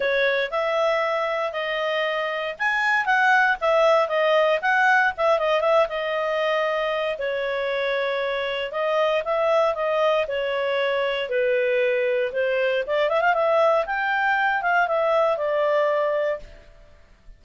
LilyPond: \new Staff \with { instrumentName = "clarinet" } { \time 4/4 \tempo 4 = 117 cis''4 e''2 dis''4~ | dis''4 gis''4 fis''4 e''4 | dis''4 fis''4 e''8 dis''8 e''8 dis''8~ | dis''2 cis''2~ |
cis''4 dis''4 e''4 dis''4 | cis''2 b'2 | c''4 d''8 e''16 f''16 e''4 g''4~ | g''8 f''8 e''4 d''2 | }